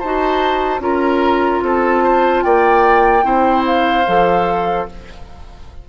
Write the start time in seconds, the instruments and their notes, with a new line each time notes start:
0.00 bassoon D#4, clarinet F#4, oboe C5, flute A5
0.80 bassoon C#4, clarinet F4, oboe A#4, flute A#5
1.63 bassoon C4, oboe A4, flute A5
2.04 oboe C5
2.43 bassoon A#3, oboe D5, flute G5
3.23 bassoon C4, clarinet E4, oboe C5
3.67 flute F5
4.08 bassoon F3, clarinet A4